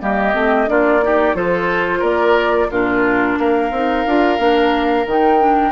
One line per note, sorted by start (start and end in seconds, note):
0.00 0.34 G3
0.00 0.33 A#3
0.00 0.69 G4
0.00 0.69 D#5
0.33 0.67 A3
0.33 0.66 C4
0.66 1.34 A#3
0.66 1.00 D4
0.66 1.04 F4
0.66 1.35 D5
1.02 1.34 D#4
1.02 1.36 G4
1.34 2.02 F3
1.34 2.69 F4
1.34 1.99 A4
1.34 2.02 C5
1.99 2.69 A#3
1.99 2.66 A#4
1.99 2.70 D5
2.70 3.37 A#2
2.70 3.72 D4
2.70 3.38 F4
2.70 3.38 A#4
3.38 3.71 A#3
3.38 5.72 A#4
3.38 5.07 F5
3.71 4.04 C4
3.71 4.06 D#4
4.06 4.38 D4
4.06 4.38 F4
4.38 5.06 A#3
4.38 5.05 D4
5.06 5.72 D#3
5.06 5.39 D#4
5.06 5.72 G5
5.39 5.72 D4